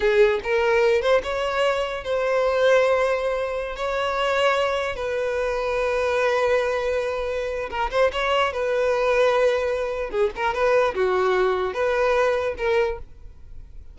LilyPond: \new Staff \with { instrumentName = "violin" } { \time 4/4 \tempo 4 = 148 gis'4 ais'4. c''8 cis''4~ | cis''4 c''2.~ | c''4~ c''16 cis''2~ cis''8.~ | cis''16 b'2.~ b'8.~ |
b'2. ais'8 c''8 | cis''4 b'2.~ | b'4 gis'8 ais'8 b'4 fis'4~ | fis'4 b'2 ais'4 | }